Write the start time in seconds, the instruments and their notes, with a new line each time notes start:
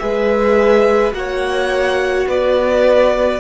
0.00 cello G#3, viola G#4, violin B4 E5
1.13 cello A#3, viola F#4, violin C#5 F#5
2.28 cello B3, violin B4 D5